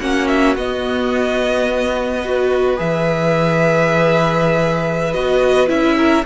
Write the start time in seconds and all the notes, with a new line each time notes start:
0.00 A#3 C#4 F#4 F#5
0.28 E5
0.56 B3 D#5
2.21 F#4 B4
2.77 E3 G#4 E5
5.13 B3 F#4 D#5
5.68 C#4 E4 E5
5.97 A#4